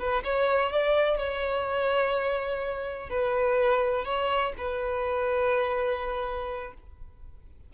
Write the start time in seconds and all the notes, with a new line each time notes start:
0.00 B4
0.25 C#5
0.72 D5
1.18 C#5
3.10 B4
4.05 C#5
4.58 B4